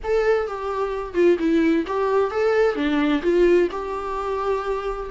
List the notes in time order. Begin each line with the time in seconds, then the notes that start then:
0.03 A4
0.47 G4
1.14 F4
1.38 E4
1.86 G4
2.30 A4
2.75 D4
3.22 F4
3.71 G4